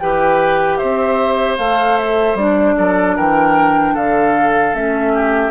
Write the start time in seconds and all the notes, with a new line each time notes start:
0.00 E3 G4 B4 G5
0.77 C4 C5 E5
1.58 A3 A4 F5
1.97 E5
2.35 G3 D4 D5
2.77 F#3 A4
3.16 E3 A#4 G5
3.94 D3 A4 F5
4.74 A3 C#4 E5
5.14 G4